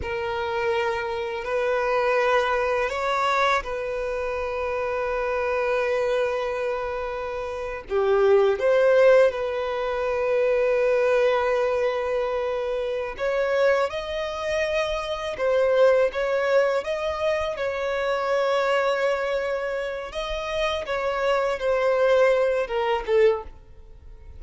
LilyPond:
\new Staff \with { instrumentName = "violin" } { \time 4/4 \tempo 4 = 82 ais'2 b'2 | cis''4 b'2.~ | b'2~ b'8. g'4 c''16~ | c''8. b'2.~ b'16~ |
b'2 cis''4 dis''4~ | dis''4 c''4 cis''4 dis''4 | cis''2.~ cis''8 dis''8~ | dis''8 cis''4 c''4. ais'8 a'8 | }